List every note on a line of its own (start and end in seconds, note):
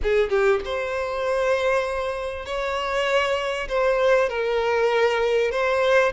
0.03 0.29 G#4
0.29 0.60 G4
0.64 2.45 C5
2.45 3.67 C#5
3.68 4.29 C5
4.29 5.51 A#4
5.51 6.12 C5